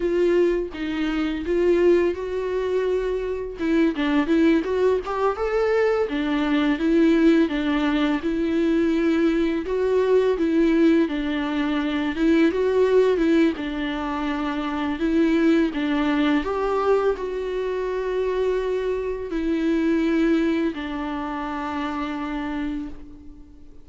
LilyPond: \new Staff \with { instrumentName = "viola" } { \time 4/4 \tempo 4 = 84 f'4 dis'4 f'4 fis'4~ | fis'4 e'8 d'8 e'8 fis'8 g'8 a'8~ | a'8 d'4 e'4 d'4 e'8~ | e'4. fis'4 e'4 d'8~ |
d'4 e'8 fis'4 e'8 d'4~ | d'4 e'4 d'4 g'4 | fis'2. e'4~ | e'4 d'2. | }